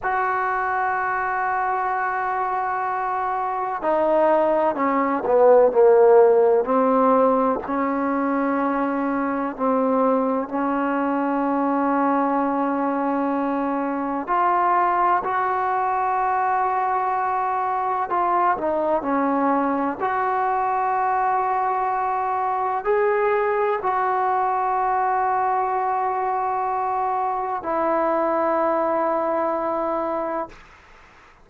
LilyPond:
\new Staff \with { instrumentName = "trombone" } { \time 4/4 \tempo 4 = 63 fis'1 | dis'4 cis'8 b8 ais4 c'4 | cis'2 c'4 cis'4~ | cis'2. f'4 |
fis'2. f'8 dis'8 | cis'4 fis'2. | gis'4 fis'2.~ | fis'4 e'2. | }